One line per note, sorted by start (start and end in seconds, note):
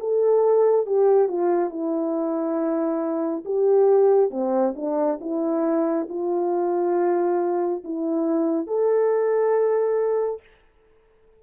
0.00 0.86 A4
0.86 1.28 G4
1.28 1.70 F4
1.70 3.43 E4
3.45 4.31 G4
4.31 4.74 C4
4.75 5.19 D4
5.21 6.08 E4
6.09 7.83 F4
7.84 8.67 E4
8.67 10.41 A4